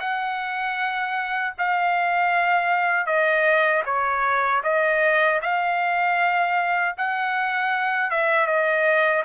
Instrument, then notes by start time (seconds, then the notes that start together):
trumpet
0.00 F#5
1.58 F5
3.06 D#5
3.85 C#5
4.64 D#5
5.42 F5
6.98 F#5
8.10 E5
8.47 D#5